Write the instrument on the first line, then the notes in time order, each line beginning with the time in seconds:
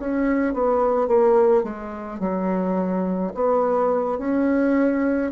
bassoon
0.00 C#4
0.54 B3
1.08 A#3
1.63 G#3
2.20 F#3
3.34 B3
4.18 C#4